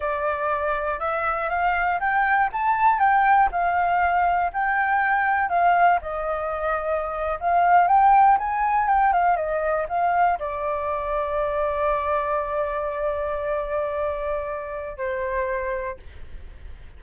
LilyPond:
\new Staff \with { instrumentName = "flute" } { \time 4/4 \tempo 4 = 120 d''2 e''4 f''4 | g''4 a''4 g''4 f''4~ | f''4 g''2 f''4 | dis''2~ dis''8. f''4 g''16~ |
g''8. gis''4 g''8 f''8 dis''4 f''16~ | f''8. d''2.~ d''16~ | d''1~ | d''2 c''2 | }